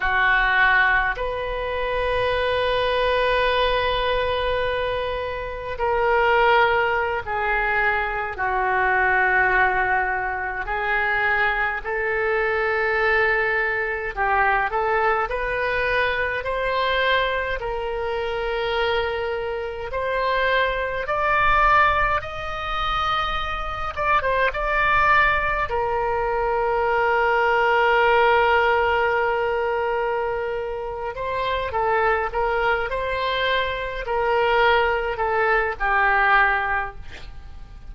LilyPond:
\new Staff \with { instrumentName = "oboe" } { \time 4/4 \tempo 4 = 52 fis'4 b'2.~ | b'4 ais'4~ ais'16 gis'4 fis'8.~ | fis'4~ fis'16 gis'4 a'4.~ a'16~ | a'16 g'8 a'8 b'4 c''4 ais'8.~ |
ais'4~ ais'16 c''4 d''4 dis''8.~ | dis''8. d''16 c''16 d''4 ais'4.~ ais'16~ | ais'2. c''8 a'8 | ais'8 c''4 ais'4 a'8 g'4 | }